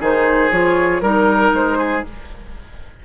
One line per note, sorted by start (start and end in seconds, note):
0.00 0.51 D#3
0.00 0.51 D#4
0.00 1.01 G#4
0.00 0.51 C5
0.51 1.01 F3
0.51 1.02 F4
0.51 1.00 C#5
1.00 1.52 G3
1.00 2.04 D#4
1.00 1.51 A#4
1.00 1.78 A#4
1.53 2.04 G#3
1.53 2.05 C5
1.78 2.03 G#4